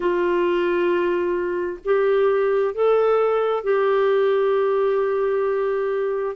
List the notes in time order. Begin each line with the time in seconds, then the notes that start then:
0.00 F4
1.84 G4
2.74 A4
3.63 G4